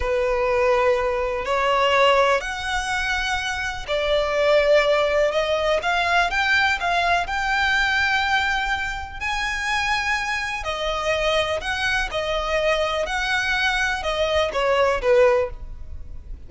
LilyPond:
\new Staff \with { instrumentName = "violin" } { \time 4/4 \tempo 4 = 124 b'2. cis''4~ | cis''4 fis''2. | d''2. dis''4 | f''4 g''4 f''4 g''4~ |
g''2. gis''4~ | gis''2 dis''2 | fis''4 dis''2 fis''4~ | fis''4 dis''4 cis''4 b'4 | }